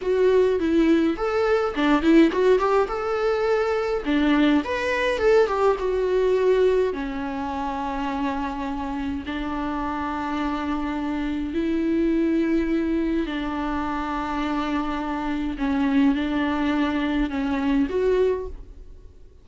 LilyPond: \new Staff \with { instrumentName = "viola" } { \time 4/4 \tempo 4 = 104 fis'4 e'4 a'4 d'8 e'8 | fis'8 g'8 a'2 d'4 | b'4 a'8 g'8 fis'2 | cis'1 |
d'1 | e'2. d'4~ | d'2. cis'4 | d'2 cis'4 fis'4 | }